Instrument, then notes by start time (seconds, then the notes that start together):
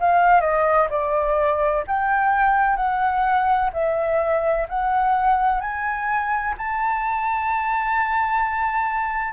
flute
0.00 F5
0.41 D#5
0.90 D5
1.87 G5
2.77 F#5
3.73 E5
4.69 F#5
5.61 G#5
6.58 A5